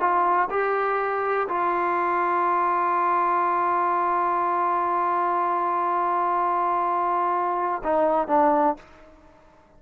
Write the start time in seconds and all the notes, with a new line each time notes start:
0.00 F4
0.50 G4
1.48 F4
7.84 D#4
8.27 D4